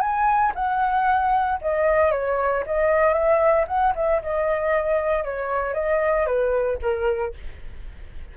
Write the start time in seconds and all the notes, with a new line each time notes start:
0.00 G#5
0.55 F#5
1.62 D#5
2.12 C#5
2.66 D#5
3.13 E5
3.67 F#5
3.96 E5
4.22 D#5
5.24 C#5
5.74 D#5
6.26 B4
6.82 A#4